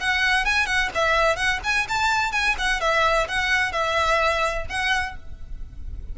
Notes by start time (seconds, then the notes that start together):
0.00 F#5
0.45 G#5
0.66 F#5
0.94 E5
1.36 F#5
1.64 G#5
1.89 A5
2.32 G#5
2.58 F#5
2.80 E5
3.28 F#5
3.72 E5
4.69 F#5